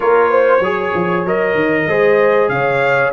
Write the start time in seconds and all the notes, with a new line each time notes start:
0.00 A#3 F4 A#4 C#5
0.30 C5
0.60 F#3 G#4 C#5
0.94 F3
1.25 F#3 A#4 D#5
1.54 D#3
1.87 G#3 G#4 C5
2.48 C#3 C#5 F5